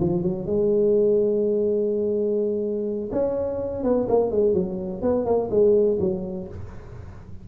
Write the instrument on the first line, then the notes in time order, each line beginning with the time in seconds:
tuba
0.00 F3
0.23 F#3
0.46 G#3
3.12 C#4
3.83 B3
4.09 A#3
4.31 G#3
4.54 F#3
5.02 B3
5.26 A#3
5.51 G#3
6.00 F#3